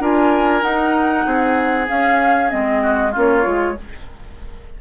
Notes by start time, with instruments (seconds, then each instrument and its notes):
0.00 bassoon D4, clarinet F4, oboe A#4, flute G#5
0.62 bassoon D#4, clarinet D#4, flute F#5
1.26 bassoon C4, oboe G#4
1.87 clarinet C#4, bassoon C#4, flute F5
2.49 bassoon G#3, clarinet C4, flute D#5
2.83 oboe F#4
3.12 bassoon A#3, clarinet C#4, oboe F4
3.18 flute C#5
3.43 bassoon G#3, clarinet F4